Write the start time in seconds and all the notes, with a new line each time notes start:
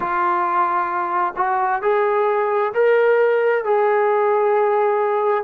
0.00 F4
1.36 F#4
1.81 G#4
2.74 A#4
3.64 G#4